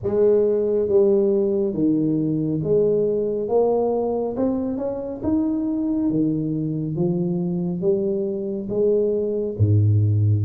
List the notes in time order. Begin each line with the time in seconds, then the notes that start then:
0.03 G#3
0.88 G3
1.73 D#3
2.63 G#3
3.48 A#3
4.36 C4
4.77 C#4
5.23 D#4
6.09 D#3
6.96 F3
7.81 G3
8.69 G#3
9.57 G#2